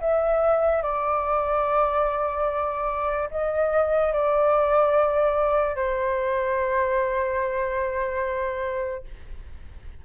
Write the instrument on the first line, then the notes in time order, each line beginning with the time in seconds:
flute
0.00 E5
0.82 D5
3.31 D#5
4.12 D5
5.75 C5